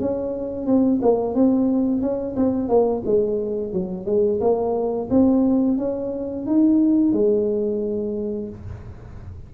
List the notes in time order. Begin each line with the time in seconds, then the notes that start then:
0.00 C#4
0.67 C4
1.02 A#3
1.35 C4
2.02 C#4
2.36 C4
2.69 A#3
3.06 G#3
3.73 F#3
4.06 G#3
4.41 A#3
5.10 C4
5.78 C#4
6.46 D#4
7.13 G#3